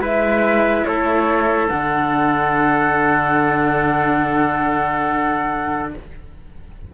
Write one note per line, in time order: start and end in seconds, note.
0.00 0.85 G#3
0.00 1.70 E4
0.00 0.86 B4
0.00 0.85 E5
0.85 1.71 A3
0.85 5.94 A4
0.85 1.69 C#5
1.69 5.93 D3
1.69 5.94 D4
1.69 5.91 F#5